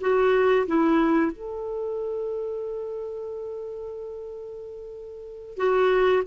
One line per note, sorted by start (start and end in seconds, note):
0.00 0.66 F#4
0.67 1.32 E4
1.32 5.57 A4
5.57 6.22 F#4